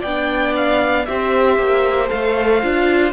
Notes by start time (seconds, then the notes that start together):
0.00 B3 D5 G5
0.06 D4
0.56 F5
1.05 C4 G4 C5 E5
1.58 A#3
2.08 A3 A4 F5
2.62 D4 F4